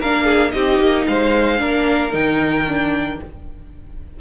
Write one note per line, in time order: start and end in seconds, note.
0.00 0.53 A#3
0.00 0.52 D4
0.00 0.24 A#4
0.00 0.51 F5
0.24 0.51 G#4
0.51 0.79 C4
0.51 1.57 D#4
0.51 1.07 G4
0.51 1.04 D#5
0.79 1.06 A#3
1.07 1.61 G#3
1.07 1.60 C5
1.07 2.13 F5
1.57 2.13 A#3
1.57 2.10 D4
1.57 3.19 A#4
2.11 3.19 D#3
2.11 2.64 D#4
2.11 3.20 G5
2.67 3.20 D4